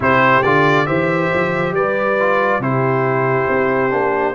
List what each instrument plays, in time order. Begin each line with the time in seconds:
0.00 tuba C3, trombone E4, horn G4, trumpet C5
0.43 tuba D3, trombone F4, trumpet D5
0.86 tuba E3, trombone G4, horn C5, trumpet E5
1.34 tuba F3
1.72 tuba G3, horn B4, trumpet D5
2.19 trombone F4
2.59 tuba C3, trombone E4, horn G4, trumpet C5
3.49 tuba C4
3.90 tuba A#3, trombone D4